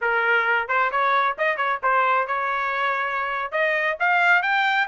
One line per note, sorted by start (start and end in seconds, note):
0.01 0.68 A#4
0.68 0.90 C5
0.91 1.36 C#5
1.38 1.56 D#5
1.56 1.79 C#5
1.82 2.27 C5
2.27 3.51 C#5
3.51 3.97 D#5
3.99 4.42 F5
4.42 4.87 G5